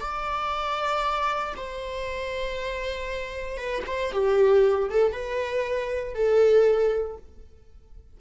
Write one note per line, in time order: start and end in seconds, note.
0.00 1.54 D5
1.56 3.57 C5
3.57 3.83 B4
3.86 4.12 C5
4.12 4.89 G4
4.90 5.12 A4
5.12 6.14 B4
6.14 7.17 A4